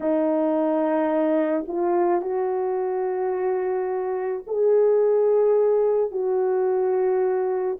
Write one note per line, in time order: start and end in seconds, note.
0.00 1.65 D#4
1.67 2.21 F4
2.21 4.43 F#4
4.46 6.11 G#4
6.11 7.77 F#4